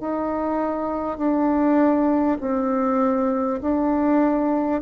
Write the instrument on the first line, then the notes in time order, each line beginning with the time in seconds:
bassoon
0.00 D#4
1.17 D4
2.40 C4
3.61 D4